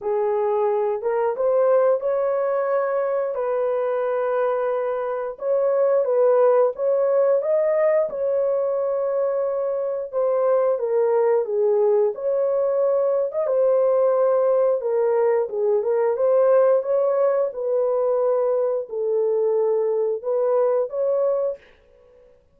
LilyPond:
\new Staff \with { instrumentName = "horn" } { \time 4/4 \tempo 4 = 89 gis'4. ais'8 c''4 cis''4~ | cis''4 b'2. | cis''4 b'4 cis''4 dis''4 | cis''2. c''4 |
ais'4 gis'4 cis''4.~ cis''16 dis''16 | c''2 ais'4 gis'8 ais'8 | c''4 cis''4 b'2 | a'2 b'4 cis''4 | }